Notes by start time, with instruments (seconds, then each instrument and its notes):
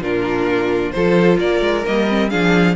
0.00 cello A#2, viola D4, violin F4 A#4
0.91 cello F3, viola F4, violin A4 C5
1.38 cello A#3, violin A#4 D5
1.61 cello G#3
1.85 cello G3, viola A#3, violin D#5
2.08 viola C4
2.30 cello F3, viola D4, violin G#4 F5